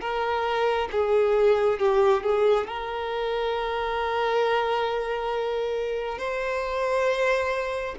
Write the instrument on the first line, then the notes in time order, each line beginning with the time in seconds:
violin
0.00 A#4
0.91 G#4
1.78 G4
2.23 G#4
2.67 A#4
6.18 C5